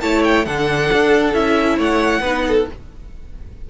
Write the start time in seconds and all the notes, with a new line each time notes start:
0.00 A3 E4 C#5 A5
0.24 G5
0.45 D3 D4 A4 F#5
0.92 D4
1.33 C#4 E4 E5
1.76 A3 C#5 F#5
2.20 B3 D#4 B4
2.48 A4